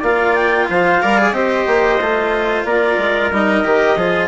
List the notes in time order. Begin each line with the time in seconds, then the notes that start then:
0.00 A#3 F4 D5 F5
0.35 G5
0.70 F3 C5 F5
1.02 G3 A#4 D5
1.18 G#4
1.33 C4 G4 C5 D#5
1.67 A#3
2.01 A3 F4
2.65 A#3 A#4 D5
2.98 G#3
3.32 G3 D#4 D#5
3.65 D#3 G4
3.97 F3 F4 G#4